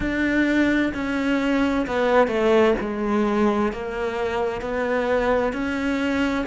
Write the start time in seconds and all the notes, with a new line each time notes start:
0.00 D4
0.94 C#4
1.86 B3
2.27 A3
2.80 G#3
3.72 A#3
4.61 B3
5.53 C#4